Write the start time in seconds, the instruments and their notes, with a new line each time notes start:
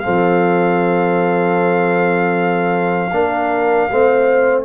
0.00 trombone C4, horn A4, trumpet F5
0.07 tuba F3
3.11 tuba A#3, trombone D4, horn A#4
3.91 tuba A3, trombone C4, horn C5